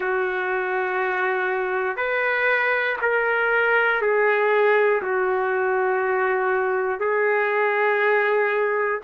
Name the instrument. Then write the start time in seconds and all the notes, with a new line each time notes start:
trumpet
0.00 F#4
1.96 B4
3.01 A#4
4.01 G#4
5.02 F#4
7.00 G#4